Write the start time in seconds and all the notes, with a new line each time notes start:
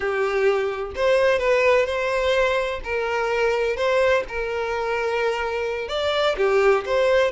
0.00 G4
0.95 C5
1.39 B4
1.86 C5
2.83 A#4
3.76 C5
4.28 A#4
5.88 D5
6.37 G4
6.85 C5